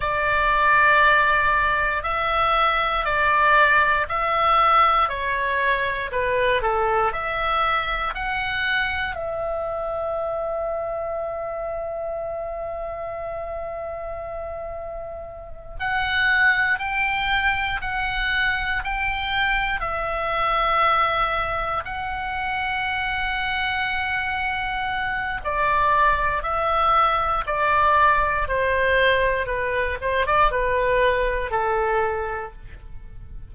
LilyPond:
\new Staff \with { instrumentName = "oboe" } { \time 4/4 \tempo 4 = 59 d''2 e''4 d''4 | e''4 cis''4 b'8 a'8 e''4 | fis''4 e''2.~ | e''2.~ e''8 fis''8~ |
fis''8 g''4 fis''4 g''4 e''8~ | e''4. fis''2~ fis''8~ | fis''4 d''4 e''4 d''4 | c''4 b'8 c''16 d''16 b'4 a'4 | }